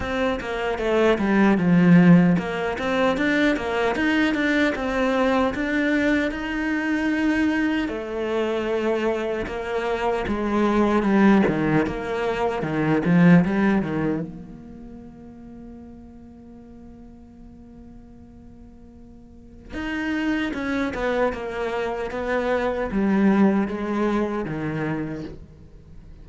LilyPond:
\new Staff \with { instrumentName = "cello" } { \time 4/4 \tempo 4 = 76 c'8 ais8 a8 g8 f4 ais8 c'8 | d'8 ais8 dis'8 d'8 c'4 d'4 | dis'2 a2 | ais4 gis4 g8 dis8 ais4 |
dis8 f8 g8 dis8 ais2~ | ais1~ | ais4 dis'4 cis'8 b8 ais4 | b4 g4 gis4 dis4 | }